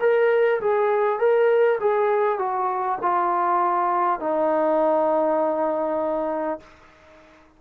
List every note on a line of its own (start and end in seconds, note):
0.00 0.60 A#4
0.61 1.19 G#4
1.19 1.79 A#4
1.80 2.39 G#4
2.39 2.99 F#4
3.02 4.19 F4
4.19 6.59 D#4